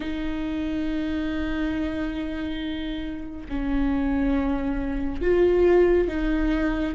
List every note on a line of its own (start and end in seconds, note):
0.00 3.47 D#4
3.48 5.21 C#4
5.21 6.08 F4
6.08 6.94 D#4